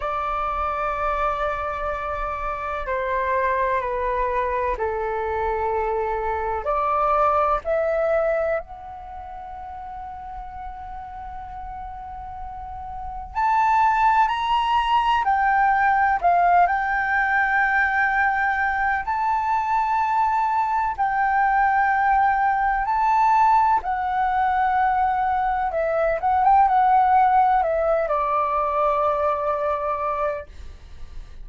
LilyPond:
\new Staff \with { instrumentName = "flute" } { \time 4/4 \tempo 4 = 63 d''2. c''4 | b'4 a'2 d''4 | e''4 fis''2.~ | fis''2 a''4 ais''4 |
g''4 f''8 g''2~ g''8 | a''2 g''2 | a''4 fis''2 e''8 fis''16 g''16 | fis''4 e''8 d''2~ d''8 | }